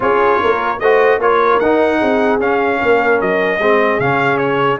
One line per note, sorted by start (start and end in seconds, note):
0.00 0.40 C#4
0.00 0.77 F4
0.00 0.41 G#4
0.00 0.79 C#5
0.41 0.80 A#3
0.41 0.81 A#4
0.79 1.18 A3
0.79 1.20 F#4
0.79 1.21 C5
0.79 1.19 D#5
1.18 1.58 A#3
1.18 1.60 F4
1.18 1.98 A#4
1.18 1.59 C#5
1.59 2.01 D#4
1.59 2.40 D#4
1.59 2.39 F#5
1.98 2.38 C4
1.98 2.78 G#4
2.38 2.78 C#4
2.38 3.60 C#4
2.38 3.20 F5
2.79 3.21 A#3
2.79 3.59 A#4
3.20 3.58 F#3
3.20 4.00 D#5
3.58 3.98 G#3
3.58 4.01 C4
3.58 4.79 G#4
3.99 4.79 C#3
3.99 4.79 C#4
3.99 4.37 F5
4.37 4.77 C#5